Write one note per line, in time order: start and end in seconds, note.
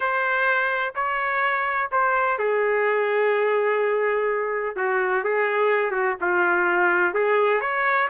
0.00 0.93 C5
0.95 1.90 C#5
1.91 2.38 C5
2.38 4.76 G#4
4.76 5.23 F#4
5.24 5.91 G#4
5.91 6.15 F#4
6.20 7.14 F4
7.14 7.60 G#4
7.60 8.08 C#5